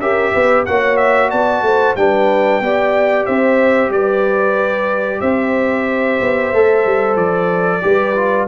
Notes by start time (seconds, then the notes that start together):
0.00 C#4 G4 A#4 E5
0.33 B3 B4
0.65 A#3 F#4 C#5 F#5
0.97 E5
1.30 B3 D5 A5
1.62 A3 C5
1.96 G3 D4 B4 G5
2.60 B3 G4 D5
3.26 C4 C5 E5
3.90 G3 B4 D5
5.20 C4 C5 E5
6.21 B3
6.53 A3 A4
6.85 G3
7.16 F3 D5
7.81 G3 G4 B4
8.15 F4